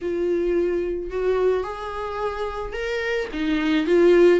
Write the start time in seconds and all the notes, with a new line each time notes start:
0.02 F4
1.10 F#4
1.63 G#4
2.72 A#4
3.32 D#4
3.86 F4